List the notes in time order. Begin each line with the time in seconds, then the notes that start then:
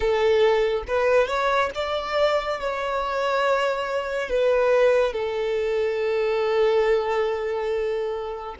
0.00 A4
0.87 B4
1.27 C#5
1.74 D5
2.60 C#5
4.29 B4
5.12 A4